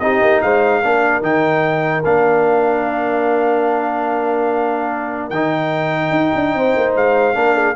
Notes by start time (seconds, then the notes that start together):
0.00 C4 D#4 G4 D#5
0.22 A#3
0.42 G#3 C5 F5
0.82 A#3 D4 A#4
1.22 D#3 D#4 G5
2.04 A#3 D4 F5
5.30 D#3 D#4 G5
6.11 D#4
6.35 D4
6.55 C4 C5
6.76 A#3
6.96 G#3 F5
7.35 A#3 D4 A#4
7.54 G#4